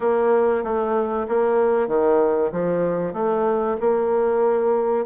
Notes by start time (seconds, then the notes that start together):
0.00 A#3
0.63 A3
1.28 A#3
1.87 D#3
2.51 F3
3.13 A3
3.80 A#3